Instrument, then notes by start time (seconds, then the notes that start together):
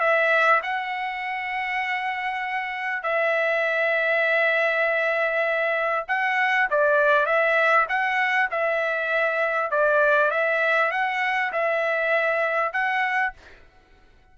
trumpet
0.00 E5
0.63 F#5
3.02 E5
6.08 F#5
6.70 D5
7.26 E5
7.89 F#5
8.51 E5
9.71 D5
10.31 E5
10.91 F#5
11.52 E5
12.72 F#5